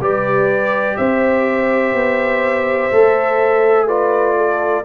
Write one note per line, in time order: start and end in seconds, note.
0.00 0.97 G3
0.00 2.91 G4
0.00 0.97 B4
0.00 0.97 D5
0.97 1.93 C4
0.97 3.87 C5
0.97 3.87 E5
1.93 2.90 B3
2.91 4.84 A3
2.91 3.88 A4
3.87 4.84 F4
3.87 4.35 B4
3.87 4.84 D5
4.36 4.84 A4